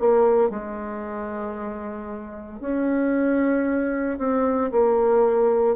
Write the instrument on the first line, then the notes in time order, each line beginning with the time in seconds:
bassoon
0.00 A#3
0.50 G#3
2.61 C#4
4.19 C4
4.72 A#3